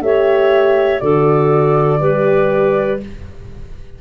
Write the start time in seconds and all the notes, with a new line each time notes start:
0.00 A3 G4 C#5 E5
1.00 D3 F#4 A4 D5
2.01 G3 G4 B4